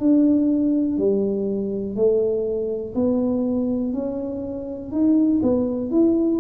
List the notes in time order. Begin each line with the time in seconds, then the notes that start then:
0.00 D4
0.98 G3
1.96 A3
2.95 B3
3.93 C#4
4.92 D#4
5.43 B3
5.91 E4